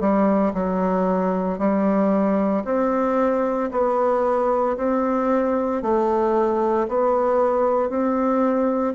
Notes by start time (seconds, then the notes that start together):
0.00 G3
0.54 F#3
1.58 G3
2.65 C4
3.71 B3
4.77 C4
5.82 A3
6.88 B3
7.89 C4